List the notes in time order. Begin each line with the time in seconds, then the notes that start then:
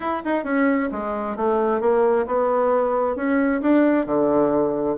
0.00 E4
0.24 D#4
0.44 C#4
0.91 G#3
1.36 A3
1.80 A#3
2.26 B3
3.16 C#4
3.61 D4
4.06 D3